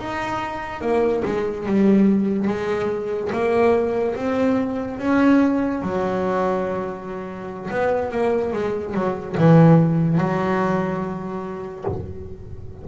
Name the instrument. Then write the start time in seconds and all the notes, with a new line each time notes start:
double bass
0.00 D#4
0.82 A#3
1.25 G#3
1.67 G3
2.48 G#3
3.33 A#3
4.16 C4
4.99 C#4
5.83 F#3
7.71 B3
8.12 A#3
8.53 G#3
8.94 F#3
9.38 E3
10.19 F#3